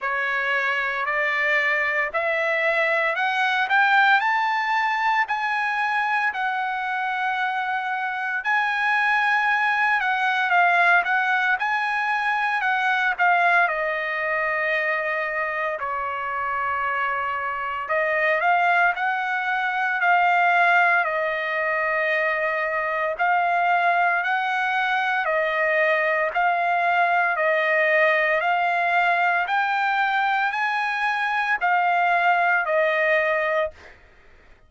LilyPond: \new Staff \with { instrumentName = "trumpet" } { \time 4/4 \tempo 4 = 57 cis''4 d''4 e''4 fis''8 g''8 | a''4 gis''4 fis''2 | gis''4. fis''8 f''8 fis''8 gis''4 | fis''8 f''8 dis''2 cis''4~ |
cis''4 dis''8 f''8 fis''4 f''4 | dis''2 f''4 fis''4 | dis''4 f''4 dis''4 f''4 | g''4 gis''4 f''4 dis''4 | }